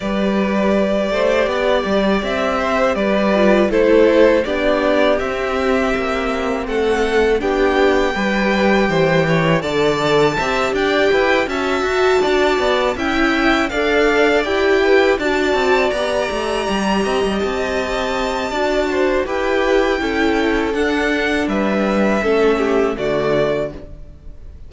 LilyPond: <<
  \new Staff \with { instrumentName = "violin" } { \time 4/4 \tempo 4 = 81 d''2. e''4 | d''4 c''4 d''4 e''4~ | e''4 fis''4 g''2~ | g''4 a''4. g''4 a''8~ |
a''4. g''4 f''4 g''8~ | g''8 a''4 ais''2 a''8~ | a''2 g''2 | fis''4 e''2 d''4 | }
  \new Staff \with { instrumentName = "violin" } { \time 4/4 b'4. c''8 d''4. c''8 | b'4 a'4 g'2~ | g'4 a'4 g'4 b'4 | c''8 cis''8 d''4 e''8 d''8 b'8 e''8~ |
e''8 d''4 e''4 d''4. | b'8 d''2~ d''8 dis''4~ | dis''4 d''8 c''8 b'4 a'4~ | a'4 b'4 a'8 g'8 fis'4 | }
  \new Staff \with { instrumentName = "viola" } { \time 4/4 g'1~ | g'8 f'8 e'4 d'4 c'4~ | c'2 d'4 g'4~ | g'4 a'4 g'4. fis'8~ |
fis'4. e'4 a'4 g'8~ | g'8 fis'4 g'2~ g'8~ | g'4 fis'4 g'4 e'4 | d'2 cis'4 a4 | }
  \new Staff \with { instrumentName = "cello" } { \time 4/4 g4. a8 b8 g8 c'4 | g4 a4 b4 c'4 | ais4 a4 b4 g4 | e4 d4 c'8 d'8 e'8 cis'8 |
fis'8 d'8 b8 cis'4 d'4 e'8~ | e'8 d'8 c'8 b8 a8 g8 c'16 g16 c'8~ | c'4 d'4 e'4 cis'4 | d'4 g4 a4 d4 | }
>>